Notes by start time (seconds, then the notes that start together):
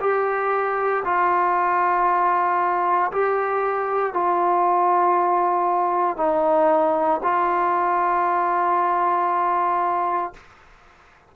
0.00 G4
1.04 F4
3.12 G4
4.13 F4
6.17 D#4
7.23 F4